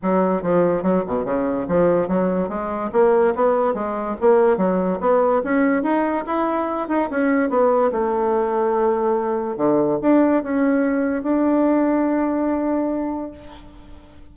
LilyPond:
\new Staff \with { instrumentName = "bassoon" } { \time 4/4 \tempo 4 = 144 fis4 f4 fis8 b,8 cis4 | f4 fis4 gis4 ais4 | b4 gis4 ais4 fis4 | b4 cis'4 dis'4 e'4~ |
e'8 dis'8 cis'4 b4 a4~ | a2. d4 | d'4 cis'2 d'4~ | d'1 | }